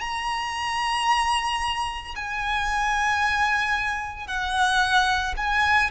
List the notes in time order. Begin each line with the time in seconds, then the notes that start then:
0.00 A#5
2.15 G#5
4.27 F#5
5.37 G#5